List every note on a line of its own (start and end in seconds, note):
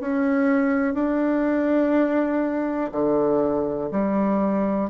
0.00 0.94 C#4
0.94 2.91 D4
2.92 3.90 D3
3.91 4.90 G3